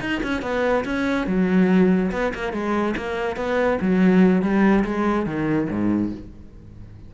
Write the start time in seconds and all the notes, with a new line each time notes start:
0.00 D#4
0.23 C#4
0.42 B3
0.84 C#4
1.26 F#3
2.11 B3
2.34 A#3
2.52 G#3
2.96 A#3
3.36 B3
3.81 F#3
4.41 G3
4.84 G#3
5.25 D#3
5.69 G#2